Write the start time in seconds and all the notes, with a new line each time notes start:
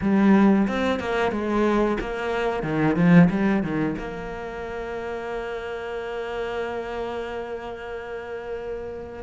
0.01 G3
0.67 C4
0.99 A#3
1.31 G#3
2.00 A#3
2.63 D#3
2.96 F3
3.30 G3
3.62 D#3
3.98 A#3